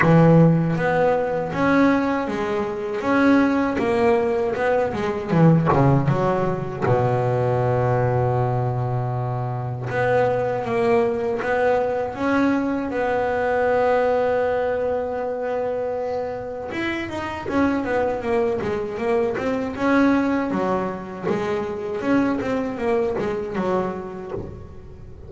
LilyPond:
\new Staff \with { instrumentName = "double bass" } { \time 4/4 \tempo 4 = 79 e4 b4 cis'4 gis4 | cis'4 ais4 b8 gis8 e8 cis8 | fis4 b,2.~ | b,4 b4 ais4 b4 |
cis'4 b2.~ | b2 e'8 dis'8 cis'8 b8 | ais8 gis8 ais8 c'8 cis'4 fis4 | gis4 cis'8 c'8 ais8 gis8 fis4 | }